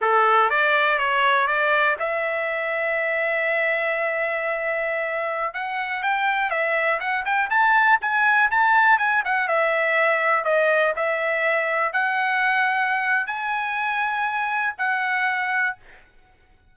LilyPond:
\new Staff \with { instrumentName = "trumpet" } { \time 4/4 \tempo 4 = 122 a'4 d''4 cis''4 d''4 | e''1~ | e''2.~ e''16 fis''8.~ | fis''16 g''4 e''4 fis''8 g''8 a''8.~ |
a''16 gis''4 a''4 gis''8 fis''8 e''8.~ | e''4~ e''16 dis''4 e''4.~ e''16~ | e''16 fis''2~ fis''8. gis''4~ | gis''2 fis''2 | }